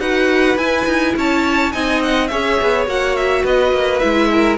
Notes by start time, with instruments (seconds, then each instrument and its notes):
0.00 cello D#4, viola F#4, violin B4 F#5
0.57 cello E4, viola E4, violin G#5
0.87 cello D#4
1.17 cello C#4, violin C#5 A5
1.72 cello C4, viola D#4, violin D#5 G#5
2.03 violin F#5
2.28 cello C#4, viola G#4, violin C#5 E5
2.62 cello B3
2.87 cello A#3, viola F#4, violin F#5
3.17 violin E5
3.43 cello B3, violin B4 D#5
3.73 cello A#3
4.00 cello G#3, viola E4, violin E5
4.32 violin A#4